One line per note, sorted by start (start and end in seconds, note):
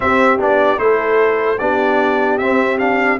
0.00 0.38 C4
0.00 0.39 C4
0.00 0.81 G4
0.00 0.40 E5
0.38 0.79 B3
0.38 0.78 D4
0.38 0.78 D5
0.78 1.59 A3
0.78 1.58 E4
0.78 1.60 A4
0.78 1.58 C5
1.58 2.39 B3
1.58 2.40 D4
1.58 3.19 G4
1.58 2.38 D5
2.38 3.19 C4
2.38 2.78 C4
2.38 2.78 E5
2.78 3.18 D4
2.78 3.18 F5